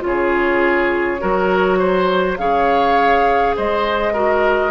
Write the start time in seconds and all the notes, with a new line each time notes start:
0.00 C#3 F4 C#5
0.07 G#4
1.19 F#3 F#4 A#4
1.78 C5
2.37 C#3 G#4 C#5 F5
3.56 G#3 C5 D#5
4.13 F#4 A#4